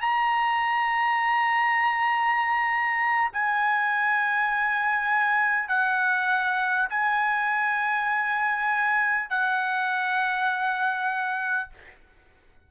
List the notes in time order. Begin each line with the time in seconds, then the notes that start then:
0.00 A#5
3.32 G#5
5.68 F#5
6.89 G#5
9.29 F#5